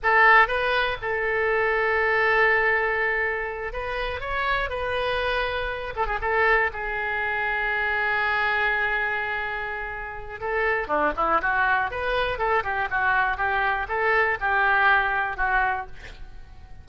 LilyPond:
\new Staff \with { instrumentName = "oboe" } { \time 4/4 \tempo 4 = 121 a'4 b'4 a'2~ | a'2.~ a'8 b'8~ | b'8 cis''4 b'2~ b'8 | a'16 gis'16 a'4 gis'2~ gis'8~ |
gis'1~ | gis'4 a'4 d'8 e'8 fis'4 | b'4 a'8 g'8 fis'4 g'4 | a'4 g'2 fis'4 | }